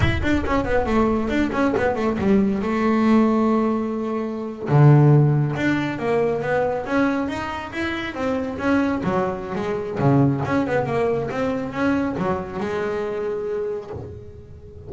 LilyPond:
\new Staff \with { instrumentName = "double bass" } { \time 4/4 \tempo 4 = 138 e'8 d'8 cis'8 b8 a4 d'8 cis'8 | b8 a8 g4 a2~ | a2~ a8. d4~ d16~ | d8. d'4 ais4 b4 cis'16~ |
cis'8. dis'4 e'4 c'4 cis'16~ | cis'8. fis4~ fis16 gis4 cis4 | cis'8 b8 ais4 c'4 cis'4 | fis4 gis2. | }